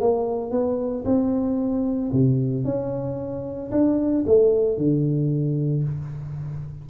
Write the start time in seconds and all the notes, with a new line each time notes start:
0.00 A#3
0.51 B3
1.05 C4
2.12 C3
2.64 C#4
3.71 D4
4.26 A3
4.77 D3